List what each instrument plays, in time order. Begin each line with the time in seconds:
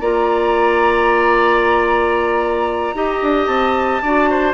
0.00 bassoon A#3, clarinet F4, oboe D5, flute A#5
2.94 bassoon D#4, clarinet G4, oboe D#5
3.21 bassoon D4
3.46 bassoon C4, flute A5
4.02 bassoon D4, clarinet F#4, oboe D5
4.30 oboe C5